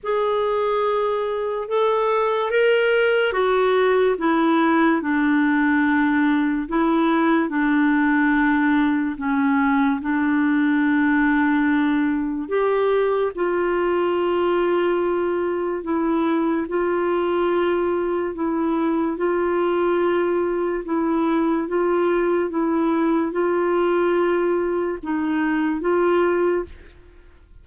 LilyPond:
\new Staff \with { instrumentName = "clarinet" } { \time 4/4 \tempo 4 = 72 gis'2 a'4 ais'4 | fis'4 e'4 d'2 | e'4 d'2 cis'4 | d'2. g'4 |
f'2. e'4 | f'2 e'4 f'4~ | f'4 e'4 f'4 e'4 | f'2 dis'4 f'4 | }